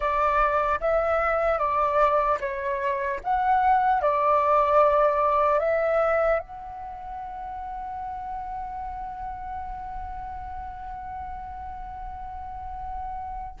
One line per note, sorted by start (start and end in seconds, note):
0.00 0.79 D5
0.80 1.58 E5
1.58 2.38 D5
2.40 3.20 C#5
3.23 4.01 F#5
4.01 5.59 D5
5.59 6.39 E5
6.39 13.59 F#5